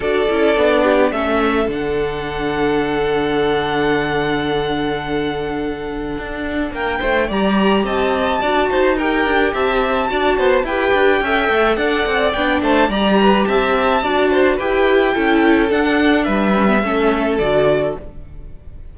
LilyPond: <<
  \new Staff \with { instrumentName = "violin" } { \time 4/4 \tempo 4 = 107 d''2 e''4 fis''4~ | fis''1~ | fis''1 | g''4 ais''4 a''2 |
g''4 a''2 g''4~ | g''4 fis''4 g''8 a''8 ais''4 | a''2 g''2 | fis''4 e''2 d''4 | }
  \new Staff \with { instrumentName = "violin" } { \time 4/4 a'4. g'8 a'2~ | a'1~ | a'1 | ais'8 c''8 d''4 dis''4 d''8 c''8 |
ais'4 e''4 d''8 c''8 b'4 | e''4 d''4. c''8 d''8 b'8 | e''4 d''8 c''8 b'4 a'4~ | a'4 b'4 a'2 | }
  \new Staff \with { instrumentName = "viola" } { \time 4/4 fis'8 e'8 d'4 cis'4 d'4~ | d'1~ | d'1~ | d'4 g'2 fis'4 |
g'2 fis'4 g'4 | a'2 d'4 g'4~ | g'4 fis'4 g'4 e'4 | d'4. cis'16 b16 cis'4 fis'4 | }
  \new Staff \with { instrumentName = "cello" } { \time 4/4 d'8 cis'8 b4 a4 d4~ | d1~ | d2. d'4 | ais8 a8 g4 c'4 d'8 dis'8~ |
dis'8 d'8 c'4 d'8 b8 e'8 d'8 | cis'8 a8 d'8 c'8 b8 a8 g4 | c'4 d'4 e'4 cis'4 | d'4 g4 a4 d4 | }
>>